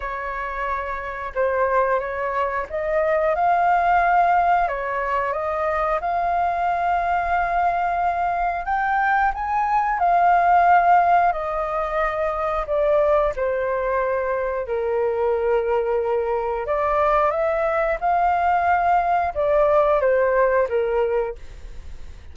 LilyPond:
\new Staff \with { instrumentName = "flute" } { \time 4/4 \tempo 4 = 90 cis''2 c''4 cis''4 | dis''4 f''2 cis''4 | dis''4 f''2.~ | f''4 g''4 gis''4 f''4~ |
f''4 dis''2 d''4 | c''2 ais'2~ | ais'4 d''4 e''4 f''4~ | f''4 d''4 c''4 ais'4 | }